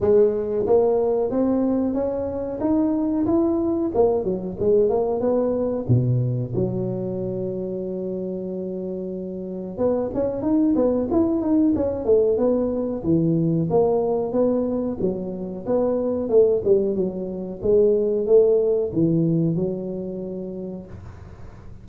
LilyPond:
\new Staff \with { instrumentName = "tuba" } { \time 4/4 \tempo 4 = 92 gis4 ais4 c'4 cis'4 | dis'4 e'4 ais8 fis8 gis8 ais8 | b4 b,4 fis2~ | fis2. b8 cis'8 |
dis'8 b8 e'8 dis'8 cis'8 a8 b4 | e4 ais4 b4 fis4 | b4 a8 g8 fis4 gis4 | a4 e4 fis2 | }